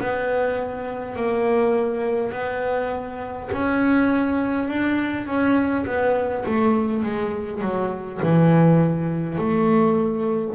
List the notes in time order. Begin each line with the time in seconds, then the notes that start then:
0.00 B3
1.16 A#3
2.33 B3
3.53 C#4
4.68 D4
5.27 C#4
5.86 B3
6.45 A3
7.03 G#3
7.62 F#3
8.23 E3
9.39 A3